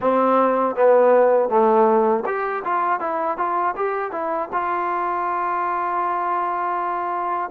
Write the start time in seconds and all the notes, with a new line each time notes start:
0.00 C4
0.75 B3
1.49 A3
2.25 G4
2.64 F4
3.00 E4
3.37 F4
3.76 G4
4.11 E4
4.52 F4